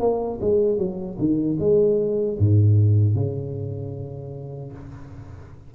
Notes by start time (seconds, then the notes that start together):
0.00 A#3
0.41 G#3
0.78 F#3
1.18 D#3
1.59 G#3
2.39 G#2
3.15 C#3